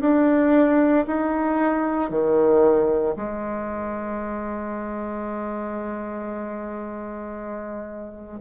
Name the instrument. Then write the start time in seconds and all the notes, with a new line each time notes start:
bassoon
0.00 D4
1.06 D#4
2.10 D#3
3.16 G#3